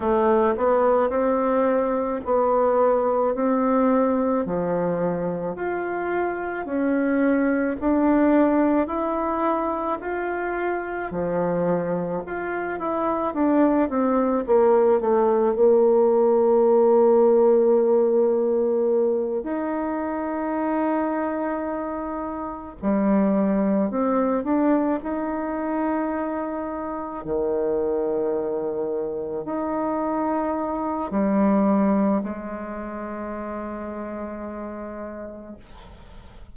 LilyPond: \new Staff \with { instrumentName = "bassoon" } { \time 4/4 \tempo 4 = 54 a8 b8 c'4 b4 c'4 | f4 f'4 cis'4 d'4 | e'4 f'4 f4 f'8 e'8 | d'8 c'8 ais8 a8 ais2~ |
ais4. dis'2~ dis'8~ | dis'8 g4 c'8 d'8 dis'4.~ | dis'8 dis2 dis'4. | g4 gis2. | }